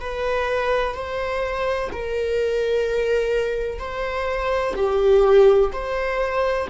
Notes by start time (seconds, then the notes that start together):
0.00 B4
0.94 C5
1.92 A#4
3.78 C5
4.75 G4
5.72 C5